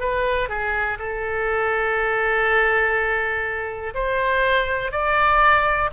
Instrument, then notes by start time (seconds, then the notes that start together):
oboe
0.00 B4
0.49 G#4
0.99 A4
3.95 C5
4.92 D5